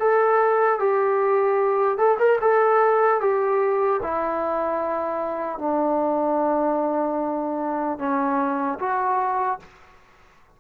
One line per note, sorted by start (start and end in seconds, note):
0.00 0.80 A4
0.80 1.98 G4
1.98 2.18 A4
2.19 2.39 A#4
2.41 3.21 A4
3.21 4.01 G4
4.03 5.59 E4
5.59 7.99 D4
7.99 8.79 C#4
8.80 9.60 F#4